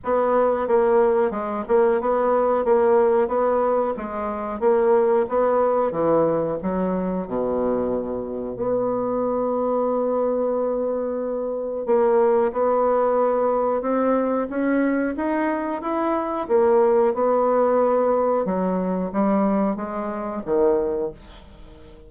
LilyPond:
\new Staff \with { instrumentName = "bassoon" } { \time 4/4 \tempo 4 = 91 b4 ais4 gis8 ais8 b4 | ais4 b4 gis4 ais4 | b4 e4 fis4 b,4~ | b,4 b2.~ |
b2 ais4 b4~ | b4 c'4 cis'4 dis'4 | e'4 ais4 b2 | fis4 g4 gis4 dis4 | }